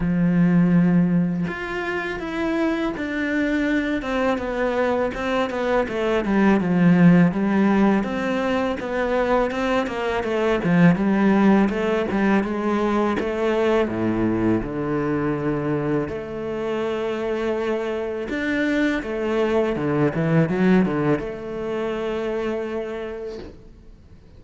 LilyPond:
\new Staff \with { instrumentName = "cello" } { \time 4/4 \tempo 4 = 82 f2 f'4 e'4 | d'4. c'8 b4 c'8 b8 | a8 g8 f4 g4 c'4 | b4 c'8 ais8 a8 f8 g4 |
a8 g8 gis4 a4 a,4 | d2 a2~ | a4 d'4 a4 d8 e8 | fis8 d8 a2. | }